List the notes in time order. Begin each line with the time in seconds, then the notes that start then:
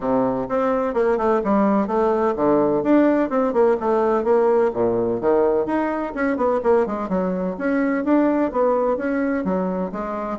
0.00 C3
0.48 C4
0.93 A#3
1.17 A3
1.44 G3
1.87 A3
2.36 D3
2.83 D4
3.29 C4
3.53 A#3
3.80 A3
4.23 A#3
4.73 A#2
5.20 D#3
5.65 D#4
6.14 C#4
6.36 B3
6.63 A#3
6.86 G#3
7.08 F#3
7.57 C#4
8.04 D4
8.51 B3
8.97 C#4
9.44 F#3
9.91 G#3